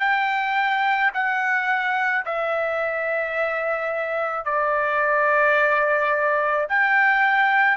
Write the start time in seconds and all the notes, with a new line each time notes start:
0.00 G5
1.14 F#5
2.26 E5
4.45 D5
6.69 G5